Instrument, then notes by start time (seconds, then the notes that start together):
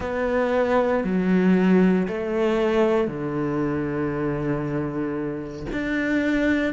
cello
0.00 B3
1.03 F#3
2.07 A3
3.08 D3
5.72 D4